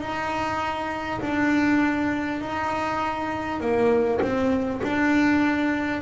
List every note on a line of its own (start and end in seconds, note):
0.00 1.20 D#4
1.21 2.41 D4
2.41 3.60 D#4
3.60 4.20 A#3
4.21 4.81 C4
4.83 6.01 D4